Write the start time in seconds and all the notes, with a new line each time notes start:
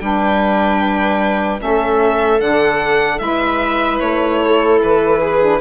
0.00 G3 D4 B4 G5
1.59 A3 C#4 E5
1.65 A4
2.40 D3 D4 F#5
3.19 G#3 E4 B4 E5
4.00 A3 C#5
4.44 A4
4.82 E3 B4
5.21 G#4
5.40 D4